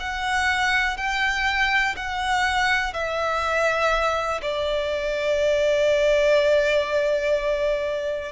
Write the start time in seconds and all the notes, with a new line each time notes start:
0.00 F#5
0.97 G5
1.96 F#5
2.93 E5
4.42 D5